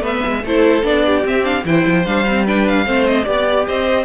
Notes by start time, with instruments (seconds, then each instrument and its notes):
0.00 cello A3, viola B3, violin B4 E5
0.26 cello G#3
0.44 cello A3, viola E4, violin A4 C5
0.83 cello B3, viola D4, violin D5
1.06 violin G4
1.25 viola C4, cello C4, violin E5
1.43 viola D4, violin F5
1.65 cello E3, viola E4, violin C5 G5
1.86 cello F3
2.06 cello G3, viola D4, violin F5
2.28 viola C4
2.45 viola D4, violin B4 G5
2.68 violin F5
2.85 cello A3, viola C4, violin C5
3.07 violin D#5
3.24 cello B3, viola G4, violin D5
3.67 cello C4, violin C5 D#5